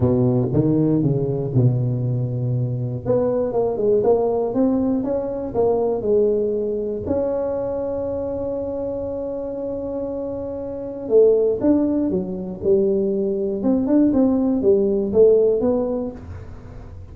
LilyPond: \new Staff \with { instrumentName = "tuba" } { \time 4/4 \tempo 4 = 119 b,4 dis4 cis4 b,4~ | b,2 b4 ais8 gis8 | ais4 c'4 cis'4 ais4 | gis2 cis'2~ |
cis'1~ | cis'2 a4 d'4 | fis4 g2 c'8 d'8 | c'4 g4 a4 b4 | }